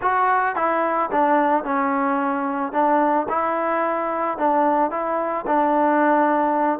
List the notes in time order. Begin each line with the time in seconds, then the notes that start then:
0.01 F#4
0.55 E4
1.11 D4
1.64 C#4
2.72 D4
3.29 E4
4.38 D4
4.90 E4
5.46 D4